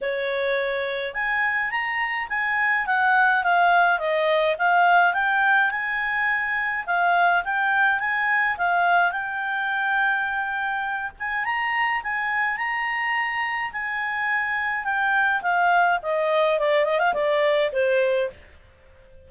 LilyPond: \new Staff \with { instrumentName = "clarinet" } { \time 4/4 \tempo 4 = 105 cis''2 gis''4 ais''4 | gis''4 fis''4 f''4 dis''4 | f''4 g''4 gis''2 | f''4 g''4 gis''4 f''4 |
g''2.~ g''8 gis''8 | ais''4 gis''4 ais''2 | gis''2 g''4 f''4 | dis''4 d''8 dis''16 f''16 d''4 c''4 | }